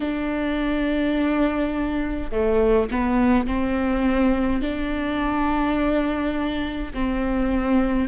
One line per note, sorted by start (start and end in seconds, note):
0.00 2.30 D4
2.31 2.88 A3
2.91 3.46 B3
3.46 4.61 C4
4.61 6.92 D4
6.93 8.08 C4